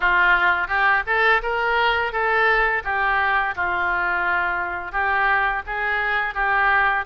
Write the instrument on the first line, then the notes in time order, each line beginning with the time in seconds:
oboe
0.00 F4
0.67 G4
1.06 A4
1.42 A#4
2.12 A4
2.84 G4
3.55 F4
4.92 G4
5.66 G#4
6.34 G4